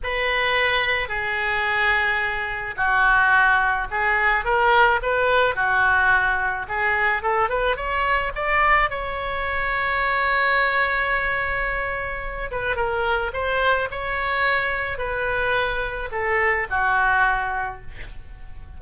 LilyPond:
\new Staff \with { instrumentName = "oboe" } { \time 4/4 \tempo 4 = 108 b'2 gis'2~ | gis'4 fis'2 gis'4 | ais'4 b'4 fis'2 | gis'4 a'8 b'8 cis''4 d''4 |
cis''1~ | cis''2~ cis''8 b'8 ais'4 | c''4 cis''2 b'4~ | b'4 a'4 fis'2 | }